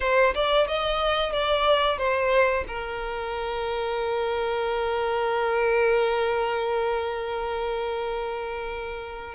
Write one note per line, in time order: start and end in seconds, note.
0.00 0.33 C5
0.34 0.67 D5
0.67 1.32 D#5
1.32 1.98 D5
1.98 2.64 C5
2.67 9.34 A#4